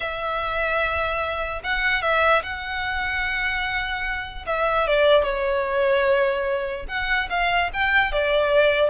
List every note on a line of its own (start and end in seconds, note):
0.00 1.61 E5
1.63 2.02 F#5
2.02 2.42 E5
2.43 4.45 F#5
4.46 4.87 E5
4.87 5.23 D5
5.23 6.86 C#5
6.88 7.28 F#5
7.29 7.70 F5
7.73 8.12 G5
8.12 8.89 D5